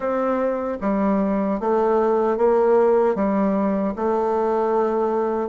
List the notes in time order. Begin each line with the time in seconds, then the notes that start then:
0.00 C4
0.81 G3
1.60 A3
2.37 A#3
3.15 G3
3.96 A3